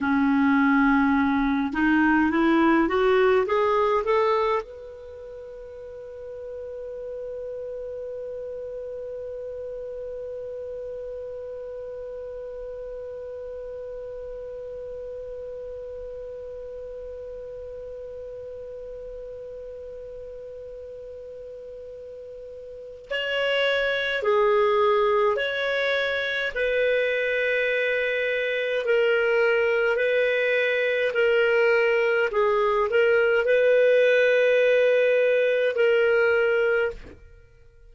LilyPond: \new Staff \with { instrumentName = "clarinet" } { \time 4/4 \tempo 4 = 52 cis'4. dis'8 e'8 fis'8 gis'8 a'8 | b'1~ | b'1~ | b'1~ |
b'1 | cis''4 gis'4 cis''4 b'4~ | b'4 ais'4 b'4 ais'4 | gis'8 ais'8 b'2 ais'4 | }